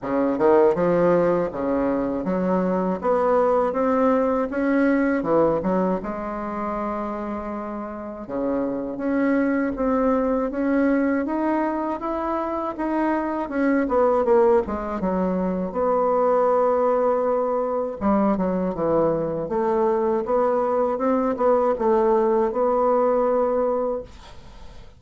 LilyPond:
\new Staff \with { instrumentName = "bassoon" } { \time 4/4 \tempo 4 = 80 cis8 dis8 f4 cis4 fis4 | b4 c'4 cis'4 e8 fis8 | gis2. cis4 | cis'4 c'4 cis'4 dis'4 |
e'4 dis'4 cis'8 b8 ais8 gis8 | fis4 b2. | g8 fis8 e4 a4 b4 | c'8 b8 a4 b2 | }